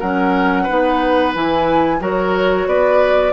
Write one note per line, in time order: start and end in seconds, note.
0.00 0.69 F#3
0.00 0.68 C#4
0.00 0.63 A#4
0.00 1.33 F#5
0.63 1.35 D#4
0.63 1.97 B4
0.70 1.35 B3
1.35 2.01 E3
1.35 2.00 E4
1.35 2.03 G#5
2.00 2.66 F#3
2.00 3.33 F#4
2.00 2.68 A#4
2.00 2.69 C#5
2.66 3.33 B3
2.66 3.33 B4
2.66 3.33 D5